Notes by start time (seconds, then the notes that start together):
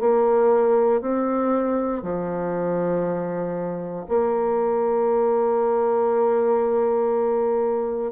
0.00 A#3
1.01 C4
2.02 F3
4.08 A#3